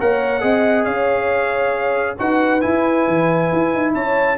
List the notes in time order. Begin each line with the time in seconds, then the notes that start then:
0.00 A#3 A#4 C#5 F#5
0.40 C4 G#4 D#5
0.85 C#4 C#5 F5
2.19 D#4 F#4 B4 F#5
2.61 E4 G#5
3.08 E3
3.53 E4
3.74 D#4
3.95 C#4 C#5 A5